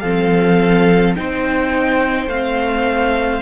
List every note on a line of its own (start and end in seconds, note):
0.00 1.16 F3
0.00 1.16 C4
0.00 1.14 A4
0.00 1.13 F5
1.16 2.26 C4
1.16 2.29 D#4
1.16 3.42 C5
1.16 2.29 G5
2.26 3.39 A3
2.26 3.42 C4
2.26 3.42 F5